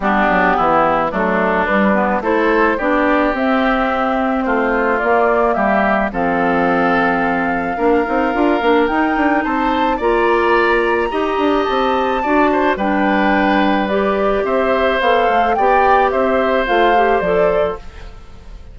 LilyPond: <<
  \new Staff \with { instrumentName = "flute" } { \time 4/4 \tempo 4 = 108 g'2 a'4 b'4 | c''4 d''4 e''2 | c''4 d''4 e''4 f''4~ | f''1 |
g''4 a''4 ais''2~ | ais''4 a''2 g''4~ | g''4 d''4 e''4 f''4 | g''4 e''4 f''4 d''4 | }
  \new Staff \with { instrumentName = "oboe" } { \time 4/4 d'4 e'4 d'2 | a'4 g'2. | f'2 g'4 a'4~ | a'2 ais'2~ |
ais'4 c''4 d''2 | dis''2 d''8 c''8 b'4~ | b'2 c''2 | d''4 c''2. | }
  \new Staff \with { instrumentName = "clarinet" } { \time 4/4 b2 a4 g8 b8 | e'4 d'4 c'2~ | c'4 ais2 c'4~ | c'2 d'8 dis'8 f'8 d'8 |
dis'2 f'2 | g'2 fis'4 d'4~ | d'4 g'2 a'4 | g'2 f'8 g'8 a'4 | }
  \new Staff \with { instrumentName = "bassoon" } { \time 4/4 g8 fis8 e4 fis4 g4 | a4 b4 c'2 | a4 ais4 g4 f4~ | f2 ais8 c'8 d'8 ais8 |
dis'8 d'8 c'4 ais2 | dis'8 d'8 c'4 d'4 g4~ | g2 c'4 b8 a8 | b4 c'4 a4 f4 | }
>>